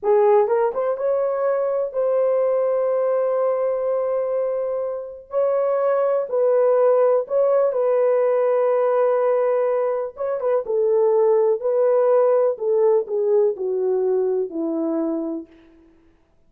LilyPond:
\new Staff \with { instrumentName = "horn" } { \time 4/4 \tempo 4 = 124 gis'4 ais'8 c''8 cis''2 | c''1~ | c''2. cis''4~ | cis''4 b'2 cis''4 |
b'1~ | b'4 cis''8 b'8 a'2 | b'2 a'4 gis'4 | fis'2 e'2 | }